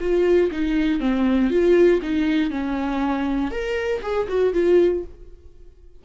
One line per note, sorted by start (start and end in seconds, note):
0.00 0.50 F4
0.51 1.00 D#4
1.00 1.50 C4
1.50 2.01 F4
2.02 2.51 D#4
2.51 3.51 C#4
3.51 4.01 A#4
4.02 4.27 G#4
4.28 4.53 F#4
4.54 5.04 F4